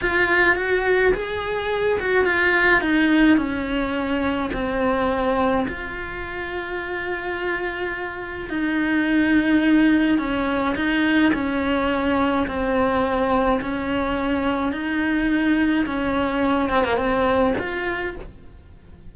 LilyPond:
\new Staff \with { instrumentName = "cello" } { \time 4/4 \tempo 4 = 106 f'4 fis'4 gis'4. fis'8 | f'4 dis'4 cis'2 | c'2 f'2~ | f'2. dis'4~ |
dis'2 cis'4 dis'4 | cis'2 c'2 | cis'2 dis'2 | cis'4. c'16 ais16 c'4 f'4 | }